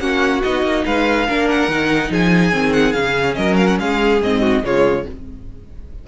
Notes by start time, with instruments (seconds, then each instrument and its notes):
0.00 cello A#3, viola C#4, violin F#4 F#5
0.43 cello B3, viola D#4, violin D#5
0.63 cello A#3
0.85 cello G#3, violin B4 F5
1.27 cello A#3, viola D4, violin A#4
1.49 violin F#5
1.68 cello D#3, viola D#4
2.11 cello F3, violin G#4 G#5
2.52 cello D#3, viola C4
2.73 violin F#5
2.92 cello C#3, viola C#4, violin F5
3.35 cello F#3, violin A#4 D#5
3.57 violin F5
3.67 violin F#5
3.80 cello G#3, violin G#4 F5
4.22 cello G#2, viola C4, violin D#5
4.41 violin F#4
4.64 cello C#3, viola G#3, violin F4 C#5